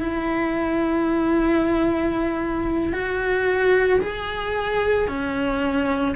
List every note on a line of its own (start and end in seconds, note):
0.00 2.93 E4
2.93 4.00 F#4
4.01 5.08 G#4
5.08 6.15 C#4